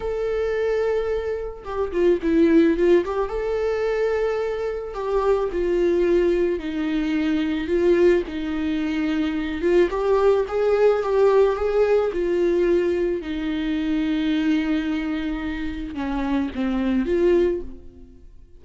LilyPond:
\new Staff \with { instrumentName = "viola" } { \time 4/4 \tempo 4 = 109 a'2. g'8 f'8 | e'4 f'8 g'8 a'2~ | a'4 g'4 f'2 | dis'2 f'4 dis'4~ |
dis'4. f'8 g'4 gis'4 | g'4 gis'4 f'2 | dis'1~ | dis'4 cis'4 c'4 f'4 | }